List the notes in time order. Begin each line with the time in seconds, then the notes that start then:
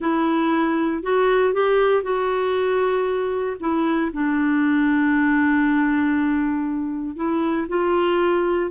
0.00 E4
1.03 F#4
1.53 G4
2.03 F#4
3.60 E4
4.12 D4
7.16 E4
7.68 F4